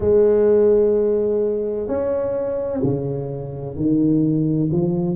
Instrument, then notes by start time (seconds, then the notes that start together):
tuba
0.00 G#3
1.87 C#4
2.83 C#3
3.76 D#3
4.72 F3